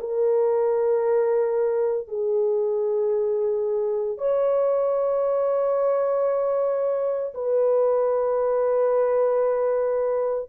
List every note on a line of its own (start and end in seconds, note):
0.00 2.08 A#4
2.08 4.18 G#4
4.18 7.34 C#5
7.35 10.50 B4